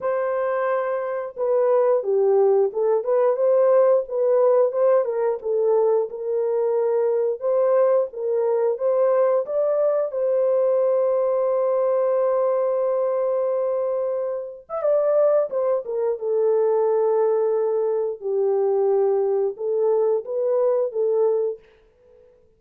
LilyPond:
\new Staff \with { instrumentName = "horn" } { \time 4/4 \tempo 4 = 89 c''2 b'4 g'4 | a'8 b'8 c''4 b'4 c''8 ais'8 | a'4 ais'2 c''4 | ais'4 c''4 d''4 c''4~ |
c''1~ | c''4.~ c''16 e''16 d''4 c''8 ais'8 | a'2. g'4~ | g'4 a'4 b'4 a'4 | }